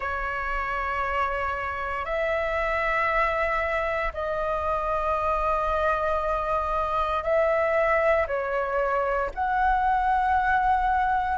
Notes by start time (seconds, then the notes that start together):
0.00 C#5
2.05 E5
4.13 D#5
7.23 E5
8.27 C#5
9.34 F#5